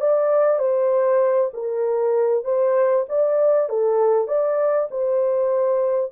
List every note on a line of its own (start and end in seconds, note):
0.00 0.58 D5
0.58 1.50 C5
1.53 2.44 A#4
2.44 3.05 C5
3.08 3.69 D5
3.69 4.27 A4
4.27 4.88 D5
4.90 6.11 C5